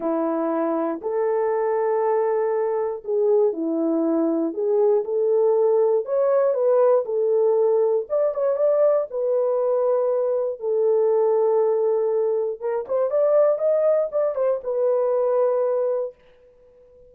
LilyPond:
\new Staff \with { instrumentName = "horn" } { \time 4/4 \tempo 4 = 119 e'2 a'2~ | a'2 gis'4 e'4~ | e'4 gis'4 a'2 | cis''4 b'4 a'2 |
d''8 cis''8 d''4 b'2~ | b'4 a'2.~ | a'4 ais'8 c''8 d''4 dis''4 | d''8 c''8 b'2. | }